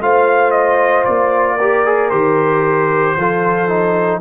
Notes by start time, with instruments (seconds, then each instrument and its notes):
0.00 tuba A3, trombone F4, horn C5, trumpet F5
0.51 trumpet D#5
1.04 tuba A#3, trumpet D5
1.57 trombone G4, horn A#4
1.85 trombone G#4
2.09 tuba D#3, trombone G4, trumpet C5
3.17 tuba F3, trombone F4, horn A4
3.68 trombone D#4